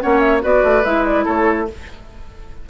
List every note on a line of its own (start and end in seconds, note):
0.00 0.44 A#3
0.00 0.41 C#4
0.00 0.42 C#5
0.00 0.20 F#5
0.20 0.40 E5
0.41 0.63 B3
0.41 0.82 F#4
0.41 1.24 B4
0.41 0.84 D5
0.63 0.84 A3
0.84 1.26 G#3
0.84 1.67 E4
0.84 1.05 E5
1.05 1.25 D5
1.24 1.69 A3
1.24 1.66 A4
1.24 1.68 C#5